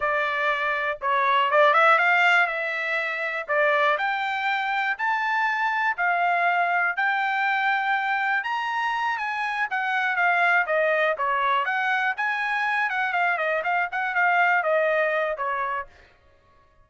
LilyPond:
\new Staff \with { instrumentName = "trumpet" } { \time 4/4 \tempo 4 = 121 d''2 cis''4 d''8 e''8 | f''4 e''2 d''4 | g''2 a''2 | f''2 g''2~ |
g''4 ais''4. gis''4 fis''8~ | fis''8 f''4 dis''4 cis''4 fis''8~ | fis''8 gis''4. fis''8 f''8 dis''8 f''8 | fis''8 f''4 dis''4. cis''4 | }